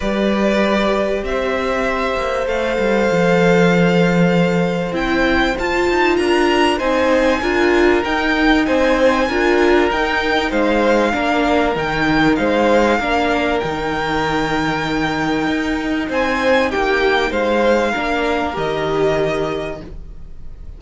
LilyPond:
<<
  \new Staff \with { instrumentName = "violin" } { \time 4/4 \tempo 4 = 97 d''2 e''2 | f''1 | g''4 a''4 ais''4 gis''4~ | gis''4 g''4 gis''2 |
g''4 f''2 g''4 | f''2 g''2~ | g''2 gis''4 g''4 | f''2 dis''2 | }
  \new Staff \with { instrumentName = "violin" } { \time 4/4 b'2 c''2~ | c''1~ | c''2 ais'4 c''4 | ais'2 c''4 ais'4~ |
ais'4 c''4 ais'2 | c''4 ais'2.~ | ais'2 c''4 g'4 | c''4 ais'2. | }
  \new Staff \with { instrumentName = "viola" } { \time 4/4 g'1 | a'1 | e'4 f'2 dis'4 | f'4 dis'2 f'4 |
dis'2 d'4 dis'4~ | dis'4 d'4 dis'2~ | dis'1~ | dis'4 d'4 g'2 | }
  \new Staff \with { instrumentName = "cello" } { \time 4/4 g2 c'4. ais8 | a8 g8 f2. | c'4 f'8 dis'8 d'4 c'4 | d'4 dis'4 c'4 d'4 |
dis'4 gis4 ais4 dis4 | gis4 ais4 dis2~ | dis4 dis'4 c'4 ais4 | gis4 ais4 dis2 | }
>>